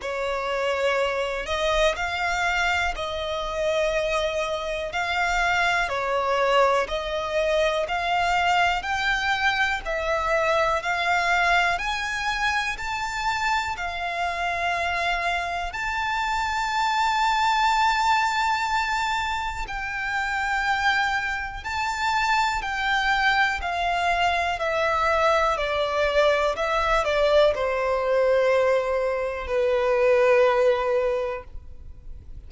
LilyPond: \new Staff \with { instrumentName = "violin" } { \time 4/4 \tempo 4 = 61 cis''4. dis''8 f''4 dis''4~ | dis''4 f''4 cis''4 dis''4 | f''4 g''4 e''4 f''4 | gis''4 a''4 f''2 |
a''1 | g''2 a''4 g''4 | f''4 e''4 d''4 e''8 d''8 | c''2 b'2 | }